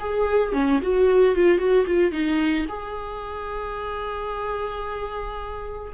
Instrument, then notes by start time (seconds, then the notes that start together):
viola
0.00 G#4
0.53 C#4
0.82 F#4
1.36 F4
1.58 F#4
1.87 F4
2.12 D#4
2.69 G#4